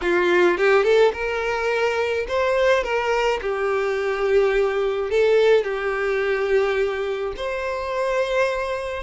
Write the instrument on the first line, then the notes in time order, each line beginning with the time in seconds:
violin
0.01 F4
0.57 G4
0.83 A4
1.13 A#4
2.28 C5
2.83 A#4
3.41 G4
5.10 A4
5.63 G4
7.36 C5